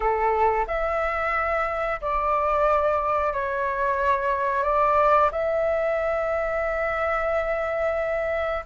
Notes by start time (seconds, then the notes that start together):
0.00 A4
0.67 E5
2.01 D5
3.33 C#5
4.63 D5
5.31 E5